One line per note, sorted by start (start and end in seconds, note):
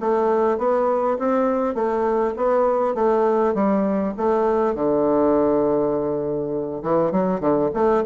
0.00 0.58 A3
0.58 1.17 B3
1.19 1.75 C4
1.75 2.34 A3
2.37 2.95 B3
2.95 3.55 A3
3.55 4.14 G3
4.17 4.75 A3
4.75 6.83 D3
6.83 7.12 E3
7.12 7.40 F#3
7.40 7.70 D3
7.74 8.04 A3